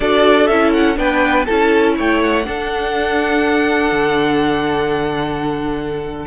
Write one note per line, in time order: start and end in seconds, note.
0.00 0.48 D4
0.00 0.50 F#4
0.00 0.98 A4
0.00 0.46 D5
0.46 0.97 C#4
0.46 0.96 E4
0.46 0.71 E5
0.73 0.97 F#5
0.96 1.46 B3
0.96 1.45 D4
0.96 1.45 B4
0.96 1.45 G5
1.45 1.99 C#4
1.45 2.44 E4
1.45 1.94 A4
1.45 1.94 A5
1.96 2.46 A3
1.96 2.46 C#5
1.96 2.21 G5
2.21 6.27 F#5
2.44 6.25 D4
2.44 3.92 D4
2.44 6.27 A4
3.92 6.25 D3